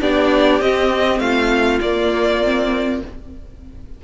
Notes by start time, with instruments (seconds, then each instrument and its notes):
0.00 cello B3, viola D4, violin G4 D5
0.60 viola C4, cello C4, violin D#5
1.19 cello A3, violin F4 F5
1.81 cello A#3, viola A#3, violin D5
2.44 viola C4